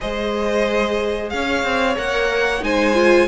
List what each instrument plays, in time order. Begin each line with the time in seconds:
0.00 cello G#3, viola G#4, violin C5 D#5
1.29 cello C#4, violin C#5 F5
1.63 cello C4
1.96 cello A#3, viola A#4, violin F#5
2.61 cello G#3, viola D#4, violin C5 G#5
2.94 viola F4